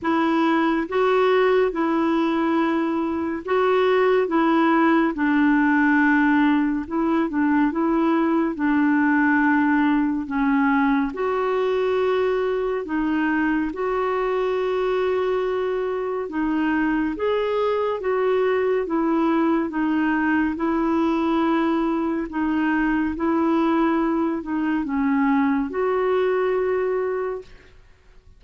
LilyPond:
\new Staff \with { instrumentName = "clarinet" } { \time 4/4 \tempo 4 = 70 e'4 fis'4 e'2 | fis'4 e'4 d'2 | e'8 d'8 e'4 d'2 | cis'4 fis'2 dis'4 |
fis'2. dis'4 | gis'4 fis'4 e'4 dis'4 | e'2 dis'4 e'4~ | e'8 dis'8 cis'4 fis'2 | }